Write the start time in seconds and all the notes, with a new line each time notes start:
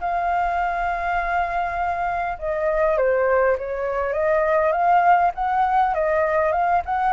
0.00 F5
2.38 D#5
2.97 C5
3.58 C#5
4.13 D#5
4.72 F5
5.35 F#5
5.94 D#5
6.52 F5
6.85 F#5